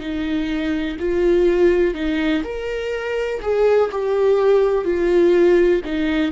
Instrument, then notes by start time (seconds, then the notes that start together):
viola
0.00 D#4
0.99 F4
1.94 D#4
2.44 A#4
3.42 G#4
3.91 G4
4.85 F4
5.85 D#4